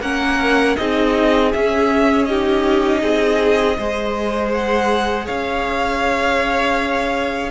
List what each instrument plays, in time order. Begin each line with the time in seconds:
0.00 cello A#3, viola C#4, violin A#4 F#5
0.76 cello C4, viola D#4, violin G#4 D#5
1.52 cello C#4, viola C#4, violin E5
2.25 viola D#4, violin G4 D#5
3.02 cello C4, violin G#4
3.77 cello G#3, viola G#4, violin C5
4.53 violin F#5
5.25 cello C#4, violin C#5 F5